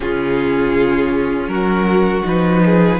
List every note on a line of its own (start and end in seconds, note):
0.00 1.47 C#3
0.00 2.24 C#4
0.00 1.50 F4
0.00 1.48 G#4
1.47 2.22 F#3
1.47 2.63 F#4
1.47 2.23 A#4
2.24 2.99 F3
2.24 2.99 D#4
2.24 2.99 B4
2.64 2.99 G#4